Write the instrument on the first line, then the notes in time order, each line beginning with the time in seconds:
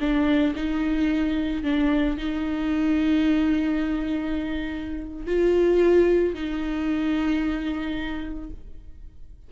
viola
0.00 D4
0.55 D#4
1.63 D4
2.17 D#4
5.26 F4
6.34 D#4